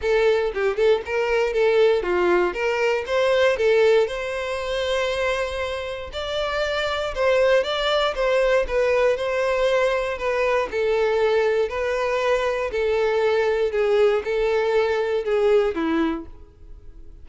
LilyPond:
\new Staff \with { instrumentName = "violin" } { \time 4/4 \tempo 4 = 118 a'4 g'8 a'8 ais'4 a'4 | f'4 ais'4 c''4 a'4 | c''1 | d''2 c''4 d''4 |
c''4 b'4 c''2 | b'4 a'2 b'4~ | b'4 a'2 gis'4 | a'2 gis'4 e'4 | }